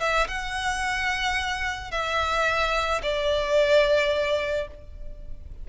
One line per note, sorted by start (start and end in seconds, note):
0.00 0.28 E5
0.28 1.91 F#5
1.91 3.02 E5
3.03 4.68 D5